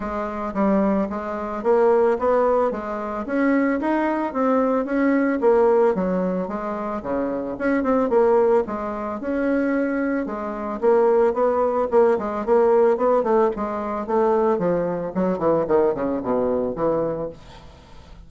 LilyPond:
\new Staff \with { instrumentName = "bassoon" } { \time 4/4 \tempo 4 = 111 gis4 g4 gis4 ais4 | b4 gis4 cis'4 dis'4 | c'4 cis'4 ais4 fis4 | gis4 cis4 cis'8 c'8 ais4 |
gis4 cis'2 gis4 | ais4 b4 ais8 gis8 ais4 | b8 a8 gis4 a4 f4 | fis8 e8 dis8 cis8 b,4 e4 | }